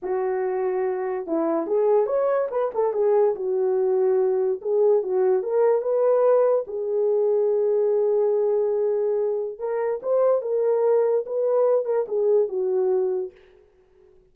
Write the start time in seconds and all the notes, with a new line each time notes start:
0.02 F#4
1.26 E4
1.66 G#4
2.06 C#5
2.51 B4
2.74 A4
2.93 G#4
3.35 F#4
4.61 G#4
5.02 F#4
5.43 A#4
5.81 B4
6.67 G#4
9.58 A#4
10.02 C5
10.41 A#4
11.26 B4
11.85 A#4
12.08 G#4
12.48 F#4